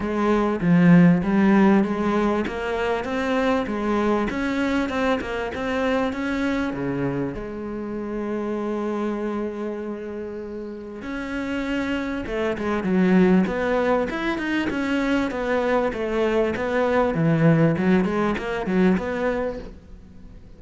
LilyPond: \new Staff \with { instrumentName = "cello" } { \time 4/4 \tempo 4 = 98 gis4 f4 g4 gis4 | ais4 c'4 gis4 cis'4 | c'8 ais8 c'4 cis'4 cis4 | gis1~ |
gis2 cis'2 | a8 gis8 fis4 b4 e'8 dis'8 | cis'4 b4 a4 b4 | e4 fis8 gis8 ais8 fis8 b4 | }